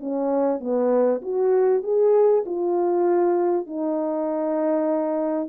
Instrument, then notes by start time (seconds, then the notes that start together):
horn
0.00 C#4
0.61 B3
1.22 F#4
1.83 G#4
2.46 F4
3.67 D#4